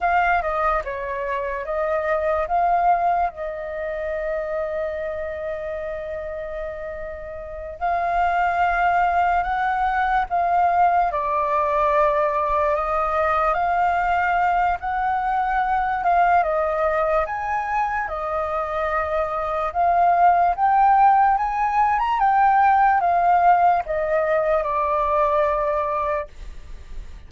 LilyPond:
\new Staff \with { instrumentName = "flute" } { \time 4/4 \tempo 4 = 73 f''8 dis''8 cis''4 dis''4 f''4 | dis''1~ | dis''4. f''2 fis''8~ | fis''8 f''4 d''2 dis''8~ |
dis''8 f''4. fis''4. f''8 | dis''4 gis''4 dis''2 | f''4 g''4 gis''8. ais''16 g''4 | f''4 dis''4 d''2 | }